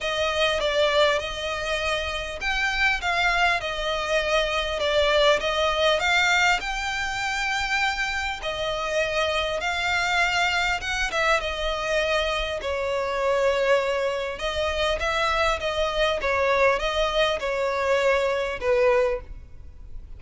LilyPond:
\new Staff \with { instrumentName = "violin" } { \time 4/4 \tempo 4 = 100 dis''4 d''4 dis''2 | g''4 f''4 dis''2 | d''4 dis''4 f''4 g''4~ | g''2 dis''2 |
f''2 fis''8 e''8 dis''4~ | dis''4 cis''2. | dis''4 e''4 dis''4 cis''4 | dis''4 cis''2 b'4 | }